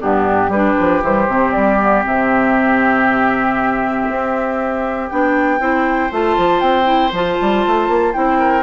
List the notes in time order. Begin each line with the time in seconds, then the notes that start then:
0.00 G2 B3 D4 G4
0.48 G3 G4 B4
0.54 D4
0.79 F3
1.01 E3 G3 C5
1.27 C3 C4
1.52 G3 D5
1.79 B3
2.03 C3 C4 E5
4.09 C4
5.09 B3 D4 G5
5.59 C4 E4 C5
6.11 A3 F4 A5
6.37 F3
6.60 C4 G5
6.83 E4
7.11 F3 F4 A5
7.41 G3
7.66 A3
7.88 A#3
8.12 C4 E4 G5
8.38 A#4